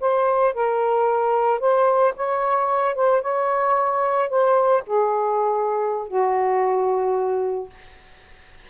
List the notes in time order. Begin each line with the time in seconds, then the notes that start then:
0.00 C5
0.54 A#4
1.60 C5
2.16 C#5
2.95 C5
3.22 C#5
4.29 C5
4.86 G#4
6.08 F#4